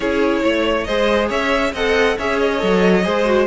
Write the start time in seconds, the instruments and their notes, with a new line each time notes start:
0.00 cello C#4, viola E4, violin G#4 C#5
0.43 cello A3, violin C#5
0.83 cello G#3, viola G#4, violin C5 D#5
1.28 cello C#4, violin C#5 E5
1.73 cello C4, viola A4, violin D#5 F#5
2.17 cello C#4, viola G#4, violin C#5 E5
2.39 violin D#5
2.58 cello F#3, viola A4
3.03 cello G#3, viola G#4, violin C5
3.25 viola F#4